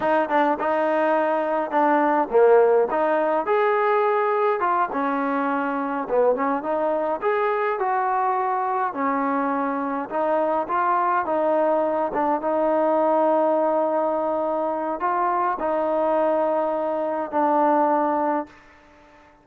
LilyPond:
\new Staff \with { instrumentName = "trombone" } { \time 4/4 \tempo 4 = 104 dis'8 d'8 dis'2 d'4 | ais4 dis'4 gis'2 | f'8 cis'2 b8 cis'8 dis'8~ | dis'8 gis'4 fis'2 cis'8~ |
cis'4. dis'4 f'4 dis'8~ | dis'4 d'8 dis'2~ dis'8~ | dis'2 f'4 dis'4~ | dis'2 d'2 | }